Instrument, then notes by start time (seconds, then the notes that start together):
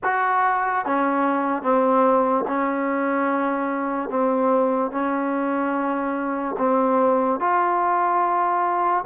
trombone
0.03 F#4
0.85 C#4
1.62 C4
2.47 C#4
4.09 C4
4.91 C#4
6.58 C4
7.40 F4